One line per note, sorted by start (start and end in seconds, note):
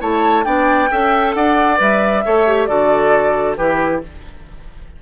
0.00 0.45 A3
0.00 0.44 E4
0.00 0.45 C#5
0.00 0.44 A5
0.44 0.90 B3
0.44 0.88 D4
0.44 0.90 D5
0.44 1.33 G5
0.90 1.35 C#4
0.90 1.77 A4
0.90 1.35 E5
1.34 1.79 D4
1.34 2.24 D5
1.34 1.78 F#5
1.77 2.24 G3
1.77 2.21 B4
1.77 2.66 E5
2.25 2.68 A3
2.25 2.47 A4
2.25 2.68 C#5
2.47 2.68 G4
2.66 3.57 D3
2.66 3.57 F#4
2.66 3.57 A4
2.66 3.55 D5
3.56 4.02 E3
3.56 4.01 E4
3.56 4.02 G4
3.56 4.01 B4